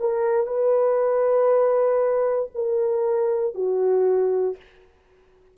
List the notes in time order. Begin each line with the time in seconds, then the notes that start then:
0.00 A#4
0.46 B4
2.54 A#4
3.54 F#4